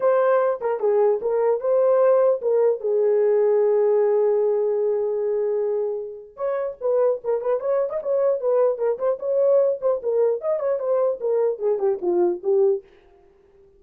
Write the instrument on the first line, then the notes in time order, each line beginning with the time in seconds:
horn
0.00 C5
0.60 A#4
0.80 G#4
1.21 A#4
1.60 C5
2.41 A#4
2.80 G#4
6.36 C#5
6.80 B4
7.23 A#4
7.41 B4
7.59 C#5
7.89 D#5
8.02 C#5
8.40 B4
8.77 A#4
8.98 C5
9.19 C#5
9.81 C5
10.02 A#4
10.41 D#5
10.59 C#5
10.79 C5
11.20 A#4
11.58 G#4
11.78 G4
12.01 F4
12.43 G4